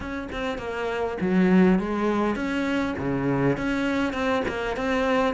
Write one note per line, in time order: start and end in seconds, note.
0.00 0.28 C#4
0.31 0.58 C4
0.58 1.17 A#3
1.20 1.79 F#3
1.79 2.35 G#3
2.35 2.95 C#4
2.98 3.57 C#3
3.57 4.13 C#4
4.13 4.43 C4
4.48 4.76 A#3
4.76 5.34 C4